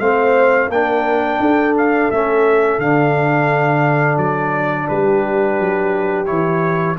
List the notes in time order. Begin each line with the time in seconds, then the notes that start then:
0.00 A3 C4 C5 F5
0.69 A#3 D4 A#4 G5
1.40 D4 A4
1.78 F5
2.11 A3 C#4 E5
2.79 D3 D4 F5
4.18 F#3 D5
4.88 G3 G4 B4
5.60 F#3
6.26 E3 E4 C#5